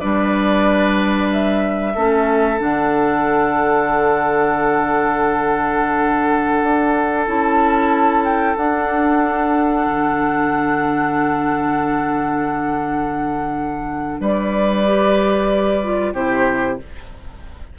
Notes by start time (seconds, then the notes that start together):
0.00 G3 D4 B4 D5
1.33 E5
1.95 A3 C#4 A4
2.58 D3 D4 F#5
6.63 D4
7.27 C#4 E4 A5
8.24 G5
8.57 D4 F#5
9.86 D3
14.21 G3 B4 D5
14.87 G4
15.84 F4
16.14 C3 E4 G4 C5